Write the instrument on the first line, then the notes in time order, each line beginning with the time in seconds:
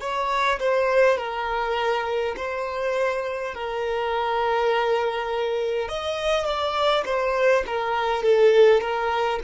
violin
0.00 C#5
0.59 C5
1.17 A#4
2.36 C5
3.54 A#4
5.88 D#5
6.45 D5
7.05 C5
7.66 A#4
8.22 A4
8.80 A#4